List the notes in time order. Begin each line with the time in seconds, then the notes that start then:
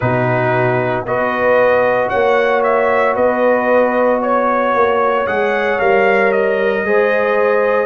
0.00 B2 D#4 F#4 B4
1.04 B3 F#4 B4 D#5
2.09 A#3 C#5 F#5
2.63 E5
3.14 B3 B4 D#5
4.21 C#5
4.73 A#3
5.26 G#3 G#4 F#5
5.79 G3 A#4 F5
6.32 D#5
6.83 G#3 G#4 C5